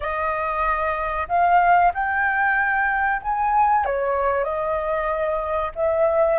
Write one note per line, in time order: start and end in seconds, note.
0.00 1.27 D#5
1.28 1.92 F5
1.94 3.21 G5
3.21 3.85 G#5
3.85 4.44 C#5
4.44 5.71 D#5
5.75 6.39 E5